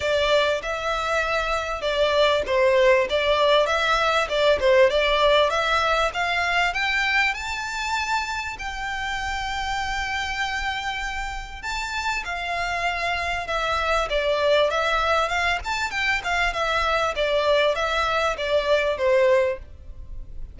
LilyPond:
\new Staff \with { instrumentName = "violin" } { \time 4/4 \tempo 4 = 98 d''4 e''2 d''4 | c''4 d''4 e''4 d''8 c''8 | d''4 e''4 f''4 g''4 | a''2 g''2~ |
g''2. a''4 | f''2 e''4 d''4 | e''4 f''8 a''8 g''8 f''8 e''4 | d''4 e''4 d''4 c''4 | }